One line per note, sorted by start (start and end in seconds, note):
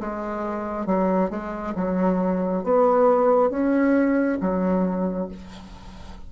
0.00 0.86 G#3
0.86 1.30 F#3
1.30 1.74 G#3
1.75 2.63 F#3
2.63 3.50 B3
3.50 4.38 C#4
4.40 5.28 F#3